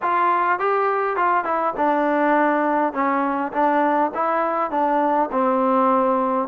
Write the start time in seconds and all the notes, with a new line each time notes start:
0.02 F4
0.59 G4
1.16 F4
1.44 E4
1.76 D4
2.93 C#4
3.52 D4
4.14 E4
4.71 D4
5.31 C4